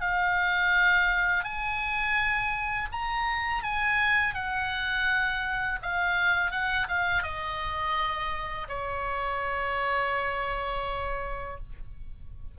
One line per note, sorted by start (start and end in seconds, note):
0.00 1.44 F5
1.44 2.88 G#5
2.92 3.63 A#5
3.63 4.34 G#5
4.34 5.79 F#5
5.82 6.51 F5
6.51 6.87 F#5
6.88 7.23 F5
7.23 8.67 D#5
8.68 11.57 C#5